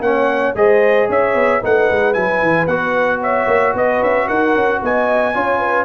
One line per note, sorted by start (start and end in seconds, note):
0.00 0.53 A#3
0.00 0.55 C#4
0.00 0.56 C#5
0.00 0.55 F#5
0.55 1.08 G#3
0.55 1.61 G#4
0.55 1.08 C5
0.55 1.09 D#5
1.08 1.34 C#4
1.08 1.62 C#5
1.08 1.64 E5
1.34 1.61 B3
1.61 1.89 A3
1.61 2.14 D#4
1.61 3.21 B4
1.61 2.13 F#5
1.90 2.15 G#3
2.13 2.42 F#3
2.13 2.67 E4
2.13 2.66 G#5
2.42 2.67 E3
2.66 3.46 B3
2.66 5.34 F#4
2.66 3.20 F#5
3.21 3.74 C#5
3.21 3.75 E5
3.47 3.73 A#3
3.74 4.00 B3
3.74 4.26 B4
3.74 4.02 D#5
4.01 4.28 C#4
4.01 4.28 E5
4.26 4.55 D#4
4.26 4.79 A#4
4.26 4.81 F#5
4.55 4.81 C#4
4.82 5.35 B3
4.82 5.34 D#5
4.82 5.85 G#5
5.34 5.85 C#4
5.34 5.85 F4
5.34 5.59 C#5
5.59 5.85 B4